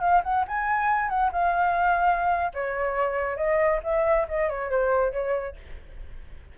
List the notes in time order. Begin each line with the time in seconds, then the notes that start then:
0.00 F5
0.23 F#5
0.48 G#5
1.09 F#5
1.32 F5
2.54 C#5
3.36 D#5
3.83 E5
4.28 D#5
4.49 C#5
4.70 C5
5.12 C#5